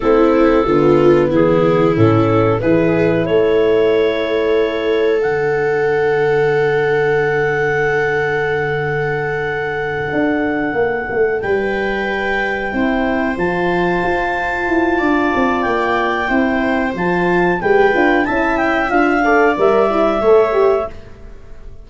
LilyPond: <<
  \new Staff \with { instrumentName = "clarinet" } { \time 4/4 \tempo 4 = 92 a'2 gis'4 a'4 | b'4 cis''2. | fis''1~ | fis''1~ |
fis''4. g''2~ g''8~ | g''8 a''2.~ a''8 | g''2 a''4 g''4 | a''8 g''8 f''4 e''2 | }
  \new Staff \with { instrumentName = "viola" } { \time 4/4 e'4 f'4 e'2 | gis'4 a'2.~ | a'1~ | a'1~ |
a'4. b'2 c''8~ | c''2. d''4~ | d''4 c''2 b'4 | e''4. d''4. cis''4 | }
  \new Staff \with { instrumentName = "horn" } { \time 4/4 c'4 b2 cis'4 | e'1 | d'1~ | d'1~ |
d'2.~ d'8 e'8~ | e'8 f'2.~ f'8~ | f'4 e'4 f'4 g'8 f'8 | e'4 f'8 a'8 ais'8 e'8 a'8 g'8 | }
  \new Staff \with { instrumentName = "tuba" } { \time 4/4 a4 d4 e4 a,4 | e4 a2. | d1~ | d2.~ d8 d'8~ |
d'8 ais8 a8 g2 c'8~ | c'8 f4 f'4 e'8 d'8 c'8 | ais4 c'4 f4 gis8 d'8 | cis'4 d'4 g4 a4 | }
>>